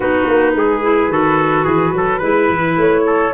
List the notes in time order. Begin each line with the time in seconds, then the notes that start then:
0.00 B3 D#4 F#4 B4
0.27 A#3
0.54 G#3 G#4
0.82 E4
1.08 D#3 F#4 A4
1.64 E3 G#4
1.93 F#3 A4
2.18 G#3 E4 B4
2.49 E3
2.76 A3 C#5
3.06 A4